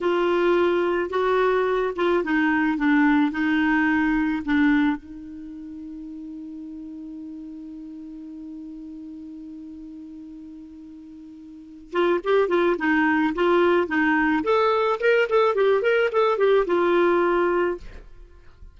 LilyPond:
\new Staff \with { instrumentName = "clarinet" } { \time 4/4 \tempo 4 = 108 f'2 fis'4. f'8 | dis'4 d'4 dis'2 | d'4 dis'2.~ | dis'1~ |
dis'1~ | dis'4. f'8 g'8 f'8 dis'4 | f'4 dis'4 a'4 ais'8 a'8 | g'8 ais'8 a'8 g'8 f'2 | }